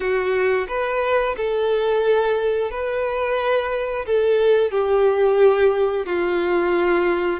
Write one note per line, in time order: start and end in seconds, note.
0.00 0.67 F#4
0.68 1.35 B4
1.37 2.70 A4
2.70 4.05 B4
4.05 4.71 A4
4.71 6.06 G4
6.06 7.40 F4